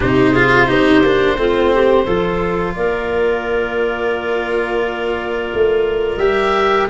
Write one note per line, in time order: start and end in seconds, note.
0.00 0.70 C3
0.00 0.35 D#4
0.00 0.30 G4
0.00 2.74 C5
0.30 0.67 F4
0.30 0.65 G#4
0.67 1.03 C4
0.67 1.02 D#4
0.67 1.36 G4
1.03 1.37 A#3
1.03 1.37 D4
1.37 2.06 A3
1.37 2.06 C4
1.37 1.74 F4
1.74 2.04 G4
2.04 2.76 F3
2.04 6.20 F4
2.04 2.73 A4
2.74 5.52 A#3
2.74 6.90 A#4
2.74 6.17 D5
5.54 6.16 A3
6.16 6.85 G3
6.16 6.89 G4
6.16 6.86 E5